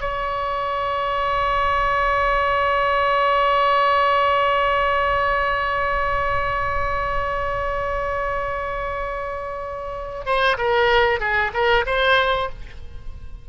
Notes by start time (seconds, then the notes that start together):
0.00 C#5
10.25 C5
10.57 A#4
11.20 G#4
11.53 A#4
11.86 C5